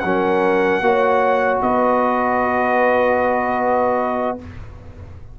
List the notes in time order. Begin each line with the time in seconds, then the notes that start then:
0.00 F#3 C#4 A#4 F#5
0.81 A#3 F#4 C#5
1.62 B3 B4 D#5